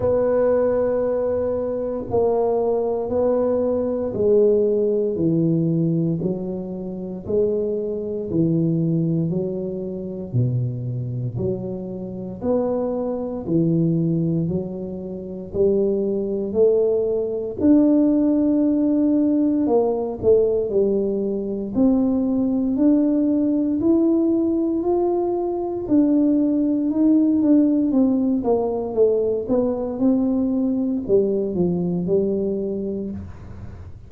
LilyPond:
\new Staff \with { instrumentName = "tuba" } { \time 4/4 \tempo 4 = 58 b2 ais4 b4 | gis4 e4 fis4 gis4 | e4 fis4 b,4 fis4 | b4 e4 fis4 g4 |
a4 d'2 ais8 a8 | g4 c'4 d'4 e'4 | f'4 d'4 dis'8 d'8 c'8 ais8 | a8 b8 c'4 g8 f8 g4 | }